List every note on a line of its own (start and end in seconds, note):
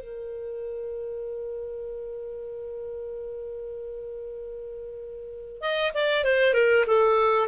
0.00 5.61 A#4
5.61 5.92 D#5
5.93 6.24 D5
6.24 6.53 C5
6.53 6.85 A#4
6.86 7.47 A4